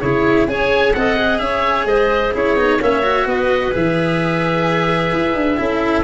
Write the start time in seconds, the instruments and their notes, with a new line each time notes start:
0.00 tuba C#3, cello E4, clarinet G#4, oboe C#5
0.47 tuba C#4, cello G#4, clarinet C#5, oboe G#5
0.93 tuba C4, cello A4, clarinet D#5, oboe F#5
1.17 cello G#4
1.38 tuba C#4, clarinet C#5, oboe E5
1.85 tuba G#3, clarinet C5, oboe D#5
2.34 tuba C#4, cello E4, clarinet G#4, oboe C#5
2.56 tuba B3, cello D#4
2.79 tuba A#3, cello C#4, clarinet C#5, oboe E5
3.03 cello F#4
3.26 tuba B3, clarinet B4, oboe D#5
3.72 tuba E3, cello G#4, oboe E5
5.13 tuba E4
5.35 tuba D4
5.57 tuba C#4, cello E4, clarinet A4